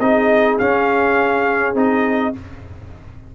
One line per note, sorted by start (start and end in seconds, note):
0.00 0.58 C4
0.00 0.60 D#4
0.00 2.35 G#4
0.00 0.58 D#5
0.59 1.74 C#4
0.59 1.75 C#4
0.59 1.75 F5
1.74 2.33 C4
1.74 2.33 D#4
1.74 2.35 D#5